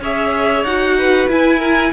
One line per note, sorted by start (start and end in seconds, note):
0.00 0.64 C#4
0.00 0.66 G#4
0.00 0.98 C#5
0.00 0.65 E5
0.64 1.28 D#4
0.64 1.30 F#4
0.64 1.28 F#5
0.98 1.59 B4
1.28 1.92 E4
1.28 1.93 E4
1.28 1.93 G#5
1.59 1.91 A#4